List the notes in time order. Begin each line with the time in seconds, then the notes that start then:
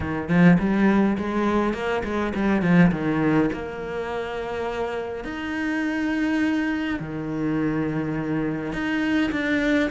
0.00 D#3
0.28 F3
0.59 G3
1.18 G#3
1.73 A#3
2.04 G#3
2.35 G3
2.62 F3
2.91 D#3
3.52 A#3
5.24 D#4
6.99 D#3
8.72 D#4
9.31 D4